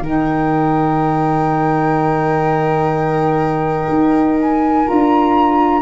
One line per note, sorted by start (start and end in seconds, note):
0.00 3.87 D#3
0.00 4.84 D#4
0.00 5.82 A#4
0.00 4.40 G5
3.89 4.86 D#4
4.41 4.88 G#5
4.84 5.82 D4
4.84 5.81 F4
4.84 5.82 A#5